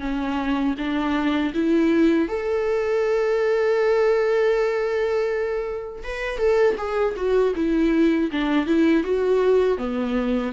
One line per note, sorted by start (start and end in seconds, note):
0.00 0.75 C#4
0.78 1.53 D4
1.54 2.28 E4
2.28 6.03 A4
6.03 6.38 B4
6.38 6.76 A4
6.77 7.15 G#4
7.16 7.54 F#4
7.55 8.30 E4
8.32 8.66 D4
8.66 9.04 E4
9.04 9.78 F#4
9.78 10.52 B3